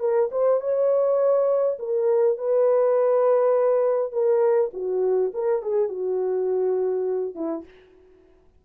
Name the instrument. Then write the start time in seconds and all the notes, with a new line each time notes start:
horn
0.00 A#4
0.32 C5
0.61 C#5
1.79 A#4
2.38 B4
4.12 A#4
4.74 F#4
5.34 A#4
5.63 G#4
5.89 F#4
7.35 E4